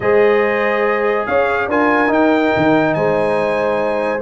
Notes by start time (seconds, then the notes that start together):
0.00 G#3 G#4 C5 D#5
1.26 C#4 C#5 F5
1.67 D4 F4 A#4 G#5
2.07 D#4 G5
2.56 D#3
2.93 G#3 C5 G#5